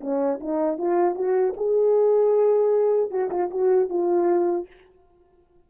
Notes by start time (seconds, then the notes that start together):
0.00 C#4
0.40 D#4
0.77 F4
1.15 F#4
1.56 G#4
3.10 F#4
3.30 F4
3.50 F#4
3.89 F4